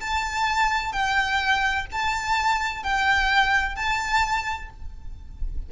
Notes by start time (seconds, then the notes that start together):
0.00 A5
0.92 G5
1.92 A5
2.83 G5
3.75 A5